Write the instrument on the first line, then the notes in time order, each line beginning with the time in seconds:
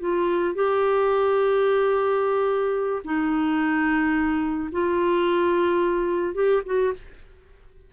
clarinet
0.00 F4
0.55 G4
3.05 D#4
4.72 F4
6.35 G4
6.66 F#4